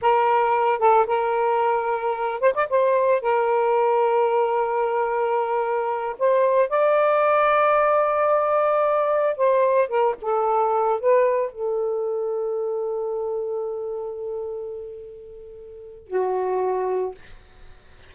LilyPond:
\new Staff \with { instrumentName = "saxophone" } { \time 4/4 \tempo 4 = 112 ais'4. a'8 ais'2~ | ais'8 c''16 d''16 c''4 ais'2~ | ais'2.~ ais'8 c''8~ | c''8 d''2.~ d''8~ |
d''4. c''4 ais'8 a'4~ | a'8 b'4 a'2~ a'8~ | a'1~ | a'2 fis'2 | }